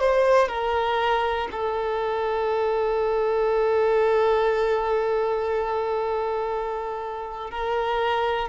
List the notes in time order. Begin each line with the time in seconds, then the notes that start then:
0.00 C5
0.49 A#4
1.51 A4
7.50 A#4